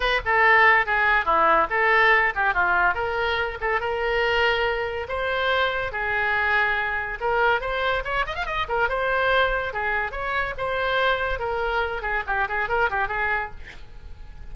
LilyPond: \new Staff \with { instrumentName = "oboe" } { \time 4/4 \tempo 4 = 142 b'8 a'4. gis'4 e'4 | a'4. g'8 f'4 ais'4~ | ais'8 a'8 ais'2. | c''2 gis'2~ |
gis'4 ais'4 c''4 cis''8 dis''16 f''16 | dis''8 ais'8 c''2 gis'4 | cis''4 c''2 ais'4~ | ais'8 gis'8 g'8 gis'8 ais'8 g'8 gis'4 | }